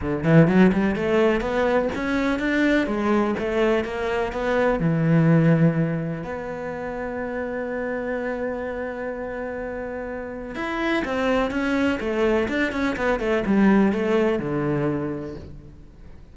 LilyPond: \new Staff \with { instrumentName = "cello" } { \time 4/4 \tempo 4 = 125 d8 e8 fis8 g8 a4 b4 | cis'4 d'4 gis4 a4 | ais4 b4 e2~ | e4 b2.~ |
b1~ | b2 e'4 c'4 | cis'4 a4 d'8 cis'8 b8 a8 | g4 a4 d2 | }